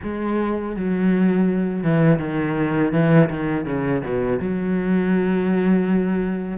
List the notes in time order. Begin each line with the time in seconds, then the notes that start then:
0.03 G#3
0.75 F#3
1.83 E3
2.19 D#3
2.92 E3
3.29 D#3
3.65 C#3
4.04 B2
4.39 F#3